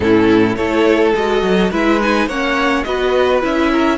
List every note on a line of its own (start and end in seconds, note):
0.00 0.56 A2
0.00 0.56 C#4
0.00 0.57 E4
0.00 0.55 A4
0.55 1.13 A3
0.55 1.15 E4
0.55 1.70 A4
0.55 1.13 C#5
1.15 1.42 G#3
1.15 1.72 F#4
1.15 1.72 D#5
1.42 1.71 F#3
1.70 2.26 G#3
1.70 2.00 E4
1.70 2.27 B4
1.70 2.01 E5
2.00 2.29 D#4
2.00 2.28 G#5
2.26 2.83 A#3
2.26 2.85 C#4
2.26 2.84 C#5
2.26 2.83 F#5
2.83 3.42 B3
2.83 3.41 F#4
2.83 3.71 B4
2.83 3.40 D#5
3.41 3.98 C#4
3.41 3.98 E4
3.41 3.98 E5
3.71 3.98 A#4